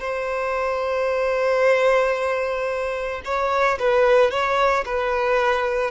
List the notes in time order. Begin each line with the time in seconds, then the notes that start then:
0.00 C5
3.25 C#5
3.79 B4
4.31 C#5
4.85 B4